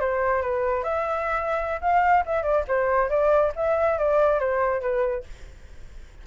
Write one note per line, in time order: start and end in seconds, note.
0.00 0.42 C5
0.42 0.84 B4
0.84 1.80 E5
1.81 2.24 F5
2.26 2.43 E5
2.43 2.64 D5
2.68 3.09 C5
3.09 3.52 D5
3.56 3.98 E5
3.98 4.39 D5
4.39 4.81 C5
4.81 5.24 B4